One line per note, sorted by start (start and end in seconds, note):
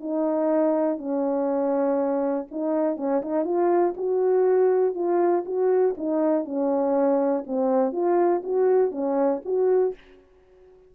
0.00 0.98 D#4
0.98 2.46 C#4
2.51 2.97 D#4
2.97 3.21 C#4
3.22 3.44 D#4
3.44 3.94 F4
3.97 4.94 F#4
4.94 5.44 F4
5.45 5.95 F#4
5.97 6.45 D#4
6.45 7.44 C#4
7.46 7.92 C4
7.92 8.42 F4
8.43 8.91 F#4
8.91 9.41 C#4
9.45 9.94 F#4